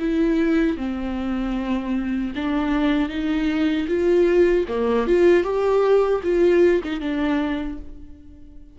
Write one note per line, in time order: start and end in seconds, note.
0.00 0.78 E4
0.78 2.33 C4
2.36 3.10 D4
3.10 3.87 D#4
3.88 4.66 F4
4.68 5.07 A#3
5.07 5.44 F4
5.44 6.22 G4
6.23 6.82 F4
6.84 7.01 D#4
7.01 7.79 D4